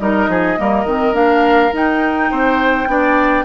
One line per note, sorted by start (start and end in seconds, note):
0.00 0.29 G3
0.00 0.58 D#4
0.00 0.30 A#4
0.00 1.15 D#5
0.29 0.57 F3
0.29 0.59 G#4
0.58 0.85 G3
0.58 0.86 A#3
0.58 2.31 A#4
0.85 1.13 D#3
0.85 1.14 C4
1.13 1.71 A#3
1.13 1.71 D4
1.13 1.73 F5
1.73 2.87 D#4
1.73 2.32 D#4
1.73 3.45 G5
2.31 2.87 C4
2.31 2.89 C5
2.87 3.45 B3
2.87 3.45 D4
2.87 3.45 D5